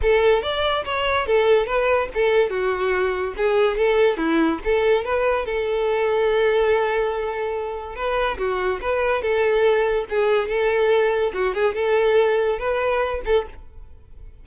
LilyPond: \new Staff \with { instrumentName = "violin" } { \time 4/4 \tempo 4 = 143 a'4 d''4 cis''4 a'4 | b'4 a'4 fis'2 | gis'4 a'4 e'4 a'4 | b'4 a'2.~ |
a'2. b'4 | fis'4 b'4 a'2 | gis'4 a'2 fis'8 gis'8 | a'2 b'4. a'8 | }